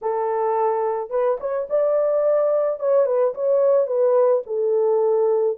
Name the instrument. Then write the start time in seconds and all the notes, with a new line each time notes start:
horn
0.01 A4
1.10 B4
1.39 C#5
1.69 D5
2.79 C#5
3.06 B4
3.34 C#5
3.86 B4
4.46 A4